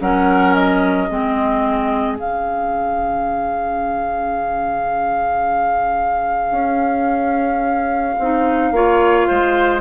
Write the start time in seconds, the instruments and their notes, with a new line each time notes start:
0.00 bassoon F#3, clarinet C#4, oboe A#4, flute F#5
0.54 flute D#5
1.09 bassoon G#3, clarinet C4, oboe G#4
2.18 bassoon C#3, clarinet C#4, flute F5
6.51 bassoon C#4
8.19 bassoon C4, clarinet D#4
8.71 bassoon A#3, clarinet F4, oboe C#5
9.28 bassoon G#3, oboe C5